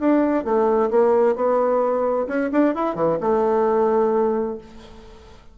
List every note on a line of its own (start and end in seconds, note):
0.00 0.45 D4
0.45 0.91 A3
0.91 1.36 A#3
1.36 2.28 B3
2.28 2.51 C#4
2.53 2.75 D4
2.75 2.96 E4
2.96 3.19 E3
3.21 4.58 A3